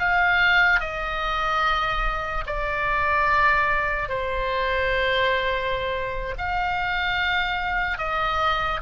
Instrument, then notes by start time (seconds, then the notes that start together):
oboe
0.00 F5
0.81 D#5
2.47 D5
4.09 C5
6.38 F5
7.98 D#5